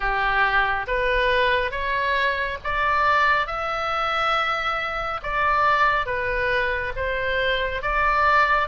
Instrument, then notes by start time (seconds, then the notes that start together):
oboe
0.00 G4
0.87 B4
1.71 C#5
2.64 D5
3.47 E5
5.23 D5
6.06 B4
6.96 C5
7.81 D5